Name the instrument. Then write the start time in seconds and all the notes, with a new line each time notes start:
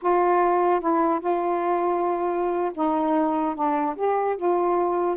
saxophone
0.02 F4
0.80 E4
1.20 F4
2.74 D#4
3.55 D4
3.96 G4
4.36 F4